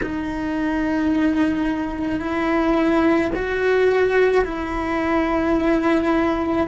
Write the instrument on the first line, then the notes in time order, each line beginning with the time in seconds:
cello
0.02 D#4
2.19 E4
3.35 F#4
4.44 E4